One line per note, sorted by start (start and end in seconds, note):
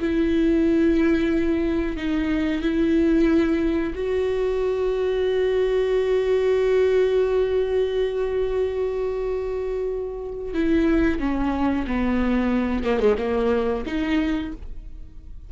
0.00 1.97 E4
1.97 2.62 D#4
2.62 3.94 E4
3.94 10.54 F#4
10.54 11.19 E4
11.19 11.85 C#4
11.87 12.85 B3
12.85 13.00 A#3
13.00 13.16 G#3
13.18 13.84 A#3
13.86 14.52 D#4